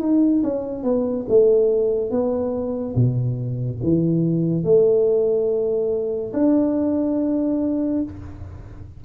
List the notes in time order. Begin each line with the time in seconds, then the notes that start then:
0.00 D#4
0.43 C#4
0.83 B3
1.28 A3
2.10 B3
2.95 B2
3.83 E3
4.63 A3
6.33 D4